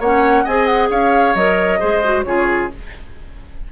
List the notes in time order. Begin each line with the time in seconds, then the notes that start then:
0.00 A#3 C#4 C#5 F#5
0.45 C4 G#4 D#5 G#5
0.66 F#5
0.90 C#4 C#5 F5
1.35 F#3 A#4 D#5
1.80 G#3 G#4 C5
2.04 F#4
2.23 C#3 F4 G#4 C#5